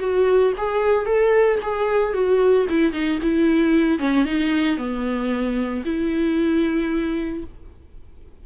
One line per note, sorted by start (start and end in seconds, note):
0.00 0.53 F#4
0.57 1.06 G#4
1.06 1.59 A4
1.62 2.14 G#4
2.14 2.67 F#4
2.70 2.93 E4
2.93 3.19 D#4
3.22 3.99 E4
3.99 4.25 C#4
4.25 4.78 D#4
4.78 5.84 B3
5.85 7.45 E4